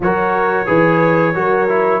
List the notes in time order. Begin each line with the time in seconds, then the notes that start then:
0.00 F#3 F#4 A#4 C#5
0.66 E3 G#4 B4
1.34 F#3 F#4 A#4
1.68 E4